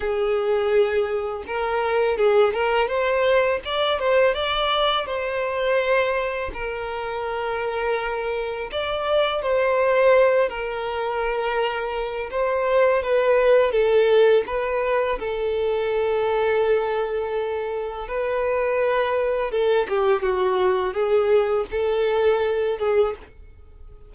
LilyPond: \new Staff \with { instrumentName = "violin" } { \time 4/4 \tempo 4 = 83 gis'2 ais'4 gis'8 ais'8 | c''4 d''8 c''8 d''4 c''4~ | c''4 ais'2. | d''4 c''4. ais'4.~ |
ais'4 c''4 b'4 a'4 | b'4 a'2.~ | a'4 b'2 a'8 g'8 | fis'4 gis'4 a'4. gis'8 | }